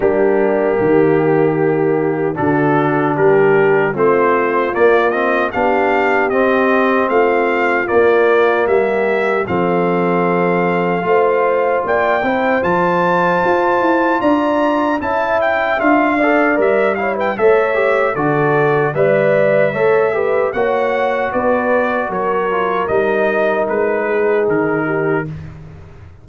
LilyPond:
<<
  \new Staff \with { instrumentName = "trumpet" } { \time 4/4 \tempo 4 = 76 g'2. a'4 | ais'4 c''4 d''8 dis''8 f''4 | dis''4 f''4 d''4 e''4 | f''2. g''4 |
a''2 ais''4 a''8 g''8 | f''4 e''8 f''16 g''16 e''4 d''4 | e''2 fis''4 d''4 | cis''4 dis''4 b'4 ais'4 | }
  \new Staff \with { instrumentName = "horn" } { \time 4/4 d'4 g'2 fis'4 | g'4 f'2 g'4~ | g'4 f'2 g'4 | a'2 c''4 d''8 c''8~ |
c''2 d''4 e''4~ | e''8 d''4 cis''16 b'16 cis''4 a'4 | d''4 cis''8 b'8 cis''4 b'4 | ais'2~ ais'8 gis'4 g'8 | }
  \new Staff \with { instrumentName = "trombone" } { \time 4/4 ais2. d'4~ | d'4 c'4 ais8 c'8 d'4 | c'2 ais2 | c'2 f'4. e'8 |
f'2. e'4 | f'8 a'8 ais'8 e'8 a'8 g'8 fis'4 | b'4 a'8 g'8 fis'2~ | fis'8 f'8 dis'2. | }
  \new Staff \with { instrumentName = "tuba" } { \time 4/4 g4 dis2 d4 | g4 a4 ais4 b4 | c'4 a4 ais4 g4 | f2 a4 ais8 c'8 |
f4 f'8 e'8 d'4 cis'4 | d'4 g4 a4 d4 | g4 a4 ais4 b4 | fis4 g4 gis4 dis4 | }
>>